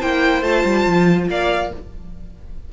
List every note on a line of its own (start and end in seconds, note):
0.00 0.42 A#3
0.00 0.44 E4
0.00 1.27 C5
0.00 0.43 G5
0.42 0.63 A3
0.42 1.70 F4
0.42 1.28 A5
0.65 0.86 G3
0.86 1.29 F3
1.29 1.71 A#3
1.29 1.72 D5
1.29 1.73 F5